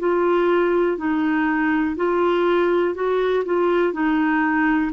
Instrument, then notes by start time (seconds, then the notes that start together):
clarinet
0.00 F4
0.98 D#4
1.97 F4
2.95 F#4
3.45 F4
3.93 D#4